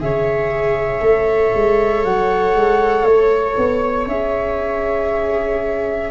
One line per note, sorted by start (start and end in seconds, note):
0.00 1.01 C#3
0.00 1.02 G#4
0.00 6.10 C#5
0.00 2.04 E5
1.01 1.51 A3
1.01 4.07 A4
1.54 2.04 G#3
2.04 2.55 F#3
2.04 3.06 F#5
2.55 3.03 G#3
3.03 3.53 A3
3.03 4.07 C#5
3.57 4.06 B3
4.06 6.10 C#4
4.06 6.10 G#4
4.06 6.10 E5